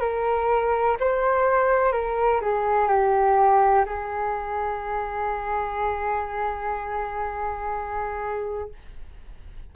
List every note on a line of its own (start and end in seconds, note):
0.00 0.97 A#4
1.00 1.92 C5
1.92 2.40 A#4
2.41 2.88 G#4
2.88 3.85 G4
3.85 8.69 G#4